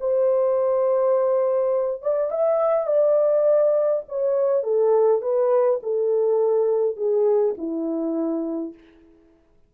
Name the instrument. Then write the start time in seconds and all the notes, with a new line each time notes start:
horn
0.00 C5
2.02 D5
2.31 E5
2.87 D5
4.08 C#5
4.63 A4
5.21 B4
5.83 A4
6.96 G#4
7.58 E4